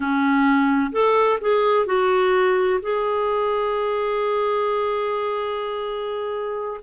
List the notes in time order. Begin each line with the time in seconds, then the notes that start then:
0.00 C#4
0.92 A4
1.40 G#4
1.86 F#4
2.81 G#4